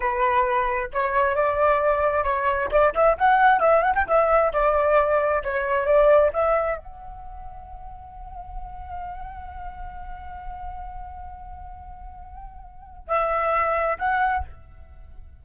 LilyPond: \new Staff \with { instrumentName = "flute" } { \time 4/4 \tempo 4 = 133 b'2 cis''4 d''4~ | d''4 cis''4 d''8 e''8 fis''4 | e''8 fis''16 g''16 e''4 d''2 | cis''4 d''4 e''4 fis''4~ |
fis''1~ | fis''1~ | fis''1~ | fis''4 e''2 fis''4 | }